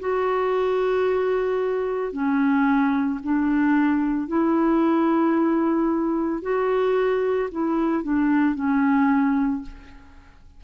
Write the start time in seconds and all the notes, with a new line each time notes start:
0.00 F#4
2.12 C#4
3.23 D4
4.28 E4
6.42 F#4
7.51 E4
8.03 D4
8.55 C#4